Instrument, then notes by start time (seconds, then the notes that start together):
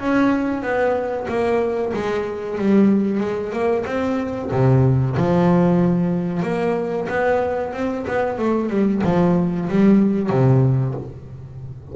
double bass
0.00 C#4
0.62 B3
1.28 A#3
1.94 G#3
2.58 G3
3.21 G#3
3.53 A#3
3.86 C4
4.52 C3
5.17 F3
6.43 A#3
7.09 B3
7.73 C4
8.08 B3
8.38 A3
8.70 G3
9.04 F3
9.69 G3
10.30 C3